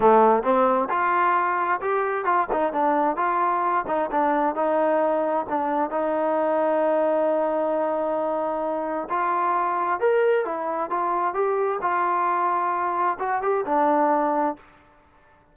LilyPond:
\new Staff \with { instrumentName = "trombone" } { \time 4/4 \tempo 4 = 132 a4 c'4 f'2 | g'4 f'8 dis'8 d'4 f'4~ | f'8 dis'8 d'4 dis'2 | d'4 dis'2.~ |
dis'1 | f'2 ais'4 e'4 | f'4 g'4 f'2~ | f'4 fis'8 g'8 d'2 | }